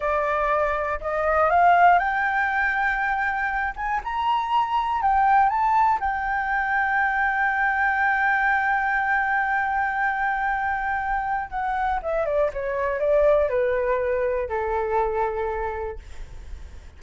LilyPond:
\new Staff \with { instrumentName = "flute" } { \time 4/4 \tempo 4 = 120 d''2 dis''4 f''4 | g''2.~ g''8 gis''8 | ais''2 g''4 a''4 | g''1~ |
g''1~ | g''2. fis''4 | e''8 d''8 cis''4 d''4 b'4~ | b'4 a'2. | }